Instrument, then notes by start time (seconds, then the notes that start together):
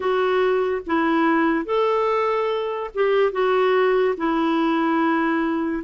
clarinet
0.00 F#4
0.86 E4
1.65 A4
2.94 G4
3.31 F#4
4.17 E4